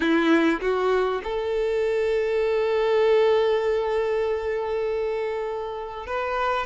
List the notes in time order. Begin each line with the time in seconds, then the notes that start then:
0.00 E4
0.61 F#4
1.23 A4
6.06 B4